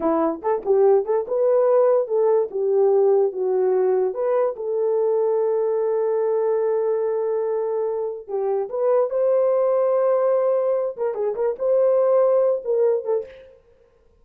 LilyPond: \new Staff \with { instrumentName = "horn" } { \time 4/4 \tempo 4 = 145 e'4 a'8 g'4 a'8 b'4~ | b'4 a'4 g'2 | fis'2 b'4 a'4~ | a'1~ |
a'1 | g'4 b'4 c''2~ | c''2~ c''8 ais'8 gis'8 ais'8 | c''2~ c''8 ais'4 a'8 | }